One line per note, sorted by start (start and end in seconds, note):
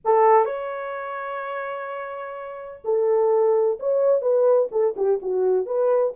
0.04 0.45 A4
0.45 2.81 C#5
2.84 3.79 A4
3.79 4.21 C#5
4.21 4.68 B4
4.71 4.95 A4
4.96 5.20 G4
5.21 5.66 F#4
5.66 6.13 B4